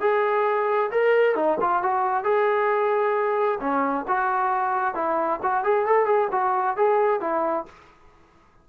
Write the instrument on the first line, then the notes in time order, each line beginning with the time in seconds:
trombone
0.00 G#4
0.91 A#4
1.35 D#4
1.60 F4
1.83 F#4
2.24 G#4
3.60 C#4
4.08 F#4
4.94 E4
5.43 F#4
5.64 G#4
5.86 A4
6.06 G#4
6.31 F#4
6.77 G#4
7.20 E4